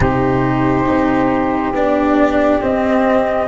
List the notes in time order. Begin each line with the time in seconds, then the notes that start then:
0.00 C3 D#4 G4 C5
0.88 C4
1.72 B3 D4 D5
2.61 C4 D#5